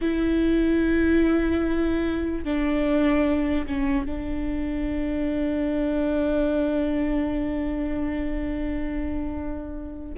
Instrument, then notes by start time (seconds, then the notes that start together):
viola
0.01 E4
2.44 D4
3.66 C#4
4.05 D4